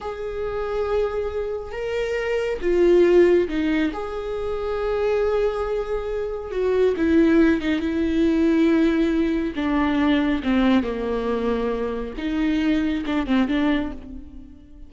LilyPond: \new Staff \with { instrumentName = "viola" } { \time 4/4 \tempo 4 = 138 gis'1 | ais'2 f'2 | dis'4 gis'2.~ | gis'2. fis'4 |
e'4. dis'8 e'2~ | e'2 d'2 | c'4 ais2. | dis'2 d'8 c'8 d'4 | }